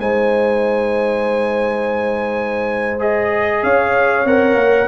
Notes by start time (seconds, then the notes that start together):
0.00 G#3 D#4 C5 G#5
2.99 G#4 D#5
3.64 C#4 C#5 F5
4.25 C4 A#4 F#5
4.55 A#3